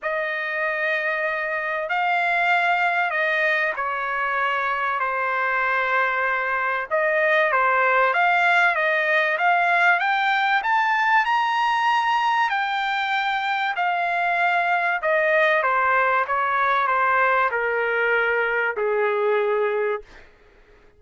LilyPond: \new Staff \with { instrumentName = "trumpet" } { \time 4/4 \tempo 4 = 96 dis''2. f''4~ | f''4 dis''4 cis''2 | c''2. dis''4 | c''4 f''4 dis''4 f''4 |
g''4 a''4 ais''2 | g''2 f''2 | dis''4 c''4 cis''4 c''4 | ais'2 gis'2 | }